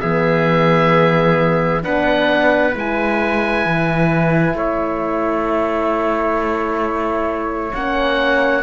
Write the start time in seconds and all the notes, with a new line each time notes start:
0.00 E3 B3 G#4 E5
1.82 B3 D4 B4 F#5
2.73 G#3 E4 G#5
3.65 E3
4.54 A3 C#5 E5
7.74 A#3 C#4 F#5